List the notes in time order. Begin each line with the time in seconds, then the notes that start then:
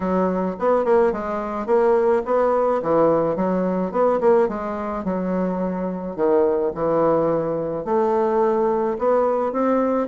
0.00 F#3
0.59 B3
0.84 A#3
1.12 G#3
1.66 A#3
2.25 B3
2.82 E3
3.36 F#3
3.91 B3
4.20 A#3
4.48 G#3
5.04 F#3
6.16 D#3
6.74 E3
7.85 A3
8.98 B3
9.52 C4